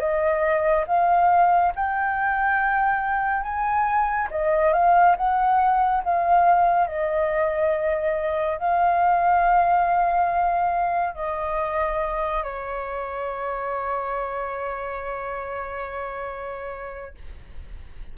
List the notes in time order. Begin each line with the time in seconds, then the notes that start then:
0.00 D#5
0.88 F5
1.76 G5
3.43 G#5
4.31 D#5
4.73 F5
5.17 F#5
6.04 F5
6.88 D#5
8.59 F5
11.15 D#5
12.44 C#5